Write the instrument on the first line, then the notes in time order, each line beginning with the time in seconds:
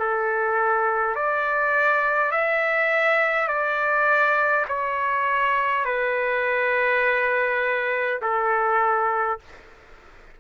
trumpet
0.00 A4
1.16 D5
2.32 E5
3.48 D5
4.68 C#5
5.86 B4
8.22 A4